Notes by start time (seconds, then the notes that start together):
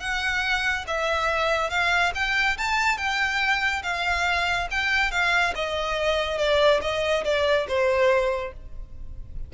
0.00 F#5
0.87 E5
1.70 F5
2.15 G5
2.57 A5
2.97 G5
3.83 F5
4.71 G5
5.11 F5
5.55 D#5
6.38 D5
6.81 D#5
7.24 D5
7.68 C5